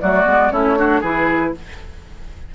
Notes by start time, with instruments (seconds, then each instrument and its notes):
0.00 bassoon F#3, clarinet A3, oboe F#4, flute D5
0.25 bassoon G#3, clarinet B3
0.51 bassoon A3, clarinet C#4, oboe E4, flute C#5
0.76 clarinet D4, oboe F#4
1.00 bassoon E3, clarinet E4, oboe G#4, flute B4